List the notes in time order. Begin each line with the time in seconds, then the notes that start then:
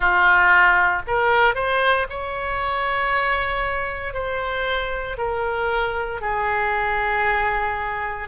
0.00 F4
1.07 A#4
1.55 C5
2.09 C#5
4.13 C5
5.17 A#4
6.21 G#4